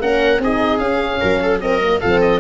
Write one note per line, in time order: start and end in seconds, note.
0.00 0.39 A#3
0.00 0.42 C#4
0.00 0.42 A#4
0.00 0.42 F#5
0.39 0.78 C4
0.39 0.83 D#4
0.39 1.21 G#4
0.39 0.79 D#5
0.78 1.18 C#4
0.78 1.60 C#4
0.78 1.59 F5
1.21 2.03 F#3
1.21 1.41 A#4
1.42 1.62 A4
1.60 1.80 C4
1.60 2.01 A#4
1.60 2.01 D#5
1.82 2.02 A#3
2.01 2.41 F3
2.01 2.41 C4
2.01 2.41 A4
2.01 2.21 F5
2.21 2.41 D#5